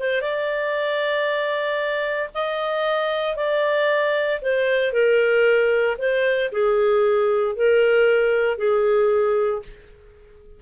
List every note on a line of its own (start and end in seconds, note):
0.00 0.22 C5
0.22 2.31 D5
2.35 3.37 D#5
3.37 4.41 D5
4.42 4.93 C5
4.93 5.97 A#4
5.99 6.51 C5
6.52 7.56 G#4
7.56 8.58 A#4
8.58 9.63 G#4